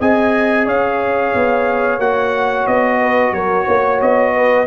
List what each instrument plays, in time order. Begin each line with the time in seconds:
0.00 tuba C4, trombone G#4, horn D#5, trumpet G#5
0.66 tuba C#4, horn C#5, trumpet F5
1.35 tuba B3
1.99 tuba A#3, trombone F#4, trumpet F#5
2.67 tuba B3, trumpet D#5
3.01 horn B4
3.32 tuba F#3, horn A#4, trumpet C#5
3.65 tuba A#3, horn C#5
4.01 tuba B3, trumpet D#5
4.35 horn B4